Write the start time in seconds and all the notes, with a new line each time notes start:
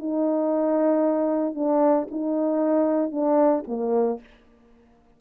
0.00 D#4
1.55 D4
2.11 D#4
3.12 D4
3.68 A#3